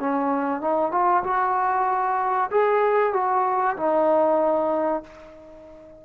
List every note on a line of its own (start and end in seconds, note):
0.00 0.62 C#4
0.62 0.92 D#4
0.92 1.23 F4
1.24 2.50 F#4
2.51 3.13 G#4
3.13 3.77 F#4
3.77 5.04 D#4